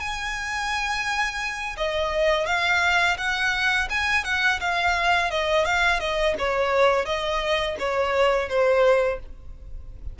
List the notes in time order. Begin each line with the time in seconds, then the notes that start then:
0.00 G#5
1.77 D#5
2.46 F5
3.18 F#5
3.90 G#5
4.24 F#5
4.60 F5
5.31 D#5
5.65 F5
6.00 D#5
6.39 C#5
7.06 D#5
7.79 C#5
8.49 C5